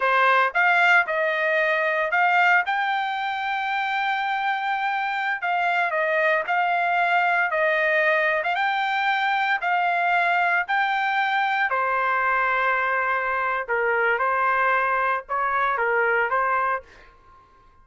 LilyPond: \new Staff \with { instrumentName = "trumpet" } { \time 4/4 \tempo 4 = 114 c''4 f''4 dis''2 | f''4 g''2.~ | g''2~ g''16 f''4 dis''8.~ | dis''16 f''2 dis''4.~ dis''16 |
f''16 g''2 f''4.~ f''16~ | f''16 g''2 c''4.~ c''16~ | c''2 ais'4 c''4~ | c''4 cis''4 ais'4 c''4 | }